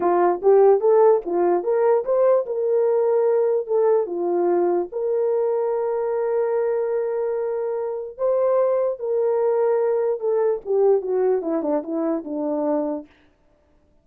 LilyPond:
\new Staff \with { instrumentName = "horn" } { \time 4/4 \tempo 4 = 147 f'4 g'4 a'4 f'4 | ais'4 c''4 ais'2~ | ais'4 a'4 f'2 | ais'1~ |
ais'1 | c''2 ais'2~ | ais'4 a'4 g'4 fis'4 | e'8 d'8 e'4 d'2 | }